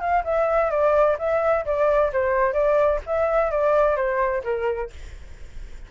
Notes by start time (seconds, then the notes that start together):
0.00 F5
0.24 E5
0.70 D5
1.18 E5
1.65 D5
2.12 C5
2.53 D5
3.06 E5
3.51 D5
3.96 C5
4.44 A#4